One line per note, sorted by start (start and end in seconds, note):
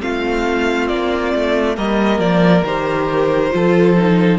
0.00 0.90 A3
0.00 1.76 C4
0.00 1.77 F4
0.00 0.88 F5
0.88 1.34 A#3
0.88 1.76 D5
1.34 1.77 A3
1.76 2.19 G3
1.76 2.64 A#3
1.76 3.53 A#4
1.76 2.20 D#5
2.19 2.63 F3
2.19 2.64 D5
2.64 3.52 D#3
2.64 3.51 G4
2.64 4.39 C5
3.51 4.39 F3
3.51 3.95 F4
3.51 4.39 A4
3.97 4.39 D#4